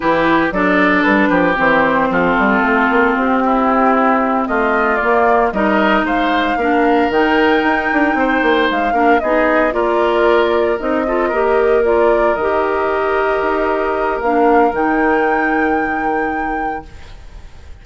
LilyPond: <<
  \new Staff \with { instrumentName = "flute" } { \time 4/4 \tempo 4 = 114 b'4 d''4 b'4 c''4 | a'2 g'2~ | g'8 dis''4 d''4 dis''4 f''8~ | f''4. g''2~ g''8~ |
g''8 f''4 dis''4 d''4.~ | d''8 dis''2 d''4 dis''8~ | dis''2. f''4 | g''1 | }
  \new Staff \with { instrumentName = "oboe" } { \time 4/4 g'4 a'4. g'4. | f'2~ f'8 e'4.~ | e'8 f'2 ais'4 c''8~ | c''8 ais'2. c''8~ |
c''4 ais'8 gis'4 ais'4.~ | ais'4 a'8 ais'2~ ais'8~ | ais'1~ | ais'1 | }
  \new Staff \with { instrumentName = "clarinet" } { \time 4/4 e'4 d'2 c'4~ | c'1~ | c'4. ais4 dis'4.~ | dis'8 d'4 dis'2~ dis'8~ |
dis'4 d'8 dis'4 f'4.~ | f'8 dis'8 f'8 g'4 f'4 g'8~ | g'2. d'4 | dis'1 | }
  \new Staff \with { instrumentName = "bassoon" } { \time 4/4 e4 fis4 g8 f8 e4 | f8 g8 a8 ais8 c'2~ | c'8 a4 ais4 g4 gis8~ | gis8 ais4 dis4 dis'8 d'8 c'8 |
ais8 gis8 ais8 b4 ais4.~ | ais8 c'4 ais2 dis8~ | dis4. dis'4. ais4 | dis1 | }
>>